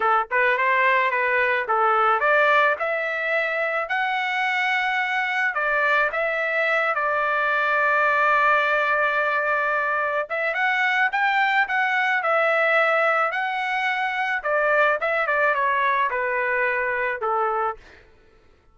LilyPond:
\new Staff \with { instrumentName = "trumpet" } { \time 4/4 \tempo 4 = 108 a'8 b'8 c''4 b'4 a'4 | d''4 e''2 fis''4~ | fis''2 d''4 e''4~ | e''8 d''2.~ d''8~ |
d''2~ d''8 e''8 fis''4 | g''4 fis''4 e''2 | fis''2 d''4 e''8 d''8 | cis''4 b'2 a'4 | }